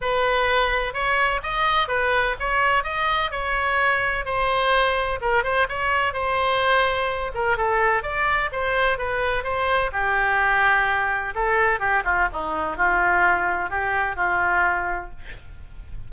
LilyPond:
\new Staff \with { instrumentName = "oboe" } { \time 4/4 \tempo 4 = 127 b'2 cis''4 dis''4 | b'4 cis''4 dis''4 cis''4~ | cis''4 c''2 ais'8 c''8 | cis''4 c''2~ c''8 ais'8 |
a'4 d''4 c''4 b'4 | c''4 g'2. | a'4 g'8 f'8 dis'4 f'4~ | f'4 g'4 f'2 | }